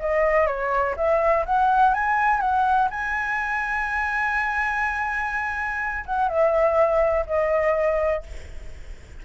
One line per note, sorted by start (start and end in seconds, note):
0.00 0.47 D#5
0.47 0.96 C#5
0.97 1.45 E5
1.46 1.94 F#5
1.94 2.41 G#5
2.41 2.89 F#5
2.91 6.05 G#5
6.06 6.29 F#5
6.29 7.25 E5
7.26 8.23 D#5